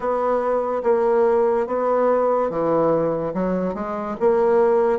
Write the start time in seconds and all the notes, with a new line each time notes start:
0.00 B3
0.83 A#3
1.67 B3
2.50 E3
3.33 F#3
3.74 G#3
4.20 A#3